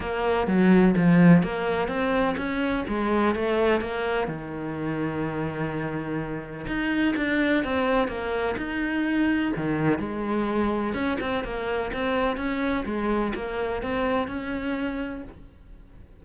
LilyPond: \new Staff \with { instrumentName = "cello" } { \time 4/4 \tempo 4 = 126 ais4 fis4 f4 ais4 | c'4 cis'4 gis4 a4 | ais4 dis2.~ | dis2 dis'4 d'4 |
c'4 ais4 dis'2 | dis4 gis2 cis'8 c'8 | ais4 c'4 cis'4 gis4 | ais4 c'4 cis'2 | }